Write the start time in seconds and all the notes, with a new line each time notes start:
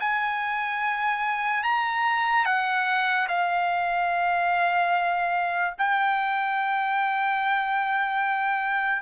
0.00 G#5
1.63 A#5
2.45 F#5
3.28 F5
5.78 G5